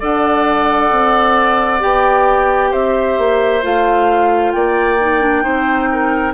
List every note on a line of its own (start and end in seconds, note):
0.00 0.92 D4
0.00 1.80 A4
0.00 2.71 D5
0.00 1.82 F#5
0.92 1.83 C4
1.80 2.73 B3
1.80 3.62 G4
1.80 2.73 G5
2.71 3.18 C4
2.71 4.53 C5
2.71 3.64 E5
3.18 3.64 A#3
3.63 4.55 A3
3.63 4.99 F4
3.63 4.52 F5
4.52 5.45 A#3
4.52 5.44 D5
4.52 6.34 G5
5.00 5.22 D#4
5.22 5.42 D4
5.42 6.34 C4
5.42 6.33 D#4
5.42 5.89 C5
5.92 6.34 A#4